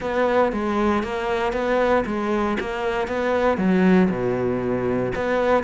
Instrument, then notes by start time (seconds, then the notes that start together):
cello
0.00 B3
0.52 G#3
1.03 A#3
1.52 B3
2.06 G#3
2.59 A#3
3.07 B3
3.57 F#3
4.10 B2
5.15 B3